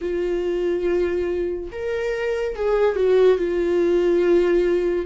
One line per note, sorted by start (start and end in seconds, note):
0.01 1.70 F4
1.71 2.55 A#4
2.55 2.96 G#4
2.96 3.38 F#4
3.38 5.05 F4